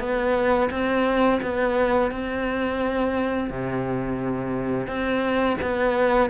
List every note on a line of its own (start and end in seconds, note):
0.00 0.70 B3
0.71 1.41 C4
1.42 2.12 B3
2.12 3.50 C4
3.50 4.87 C3
4.87 5.57 C4
5.62 6.30 B3